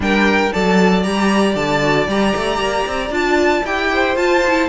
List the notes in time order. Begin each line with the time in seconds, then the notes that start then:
0.00 G3 D4 A#4 G5
0.52 F#3 A4 D5 A5
1.03 G3 G4 A#5
1.55 D3 A5
1.82 F#4
2.07 G3 G4 A#5
2.36 A3
2.59 A#3
2.86 C4
3.09 D4 F4 A5
3.64 E4 G4 G5
3.93 C5
4.16 F4 A5
4.47 E4